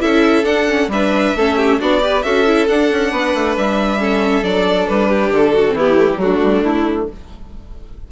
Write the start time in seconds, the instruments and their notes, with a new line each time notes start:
0.00 bassoon C#4, viola E4, violin A4 E5
0.44 bassoon D4, viola D4, violin F#5
0.68 viola C#4
0.88 bassoon G3, viola D4, violin B4 E5
1.36 bassoon A3, viola C#4, violin A4
1.57 violin G4
1.80 bassoon B3, viola D4, violin F#4 D5
2.01 viola G4, violin B4
2.23 bassoon C#4, viola F#4, violin A4 E5
2.46 viola E4
2.68 viola D4, bassoon D4, violin F#5
2.91 bassoon C#4
3.11 bassoon B3, violin B4
3.34 bassoon A3
3.57 bassoon G3, violin E5
3.98 viola C#4, violin A4
4.43 bassoon F#3, viola D4, violin D5
4.87 bassoon G3, violin B4
5.08 violin G4
5.31 bassoon D3, violin A4
5.53 violin F#4
5.69 bassoon E3, viola C4
5.76 viola B3, violin E4 G4
5.98 viola A3
6.14 bassoon F#3, viola G3 A3
6.21 violin D4 F#4
6.43 bassoon G3
6.64 bassoon A3, violin E4